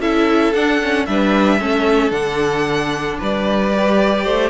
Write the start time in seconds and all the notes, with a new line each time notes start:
0.00 C#4 E4 A4 E5
0.53 D4 F#5
0.82 C#4
1.06 G3 D4 B4 E5
1.59 A3 C#4 A4
2.11 D3 D4 F#5
3.19 G3 B4 D5
3.73 G4
4.24 A3 C5